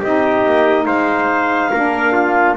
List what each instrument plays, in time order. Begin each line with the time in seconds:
0.00 double bass C4, saxophone D#4, trumpet G4, clarinet D#5
0.46 double bass A#3
0.86 double bass G#3, trumpet C5, clarinet F5
1.72 double bass A#3, saxophone D4, trumpet A#4
2.13 trumpet F4